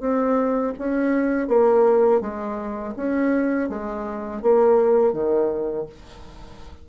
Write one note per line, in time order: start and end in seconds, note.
0.00 0.73 C4
0.78 1.47 C#4
1.47 2.21 A#3
2.21 2.94 G#3
2.96 3.69 C#4
3.69 4.42 G#3
4.42 5.13 A#3
5.13 5.86 D#3